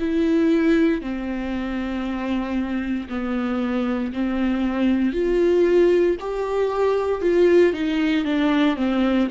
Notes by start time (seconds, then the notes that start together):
0.00 E4
1.02 C4
3.09 B3
4.13 C4
5.13 F4
6.20 G4
7.22 F4
7.74 D#4
8.25 D4
8.77 C4